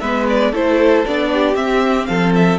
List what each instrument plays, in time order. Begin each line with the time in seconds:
0.00 cello G#3, viola B3, violin B4 E5
0.29 violin D5
0.51 cello A3, viola E4, violin A4 C5
1.05 cello B3, viola D4, violin D5
1.33 violin G4
1.55 cello C4, viola C4, violin E5
2.06 cello F3, violin A4 F5
2.35 violin E5